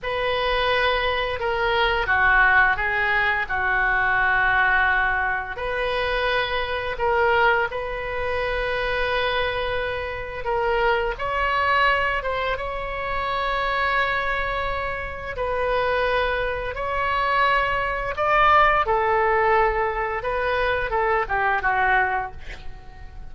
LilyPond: \new Staff \with { instrumentName = "oboe" } { \time 4/4 \tempo 4 = 86 b'2 ais'4 fis'4 | gis'4 fis'2. | b'2 ais'4 b'4~ | b'2. ais'4 |
cis''4. c''8 cis''2~ | cis''2 b'2 | cis''2 d''4 a'4~ | a'4 b'4 a'8 g'8 fis'4 | }